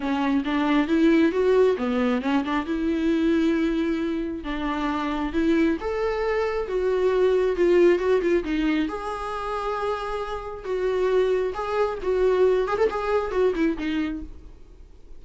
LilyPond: \new Staff \with { instrumentName = "viola" } { \time 4/4 \tempo 4 = 135 cis'4 d'4 e'4 fis'4 | b4 cis'8 d'8 e'2~ | e'2 d'2 | e'4 a'2 fis'4~ |
fis'4 f'4 fis'8 f'8 dis'4 | gis'1 | fis'2 gis'4 fis'4~ | fis'8 gis'16 a'16 gis'4 fis'8 e'8 dis'4 | }